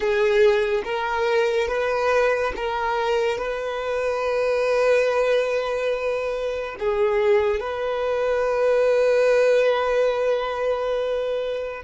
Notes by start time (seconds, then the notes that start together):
0.00 G#4
0.84 A#4
1.68 B4
2.55 A#4
3.38 B4
6.79 G#4
7.60 B4